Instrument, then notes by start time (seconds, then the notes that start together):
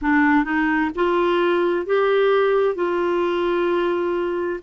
clarinet
0.01 D4
0.44 D#4
0.95 F4
1.86 G4
2.75 F4